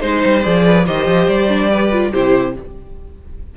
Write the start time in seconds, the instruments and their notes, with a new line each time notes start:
0.00 cello G#3, viola D#4, violin C5
0.25 cello G3
0.43 cello F3, viola G#4, violin D5
0.65 violin B4
0.85 cello D#3, viola G4, violin C5 D#5
1.06 cello F3
1.28 cello G3, violin D5
1.48 viola D4
1.70 viola G4, violin B4
1.91 viola F4
2.11 cello C3, viola E4, violin G4 C5